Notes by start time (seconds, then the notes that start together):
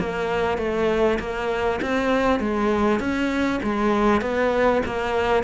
0.00 A#3
0.58 A3
1.20 A#3
1.82 C4
2.40 G#3
3.00 C#4
3.63 G#3
4.21 B3
4.86 A#3